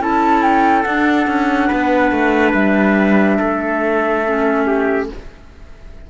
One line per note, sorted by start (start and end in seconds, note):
0.00 0.85 C#4
0.00 0.85 E4
0.00 1.68 A4
0.00 0.43 A5
0.43 0.83 G5
0.83 1.27 D4
0.83 4.24 D4
0.83 2.52 F#5
1.27 1.70 C#4
1.68 2.12 B3
1.68 3.37 B4
2.12 2.54 A3
2.54 3.39 G3
2.54 5.07 E5
3.38 5.10 A3
3.38 4.65 A4
4.26 5.10 C#4
4.67 5.09 G4